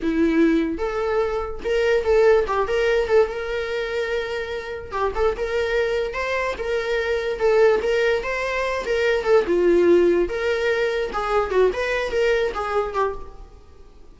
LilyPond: \new Staff \with { instrumentName = "viola" } { \time 4/4 \tempo 4 = 146 e'2 a'2 | ais'4 a'4 g'8 ais'4 a'8 | ais'1 | g'8 a'8 ais'2 c''4 |
ais'2 a'4 ais'4 | c''4. ais'4 a'8 f'4~ | f'4 ais'2 gis'4 | fis'8 b'4 ais'4 gis'4 g'8 | }